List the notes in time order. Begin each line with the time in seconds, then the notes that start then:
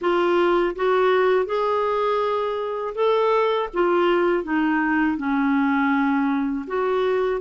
0.01 F4
0.75 F#4
1.45 G#4
2.95 A4
3.73 F4
4.43 D#4
5.17 C#4
6.67 F#4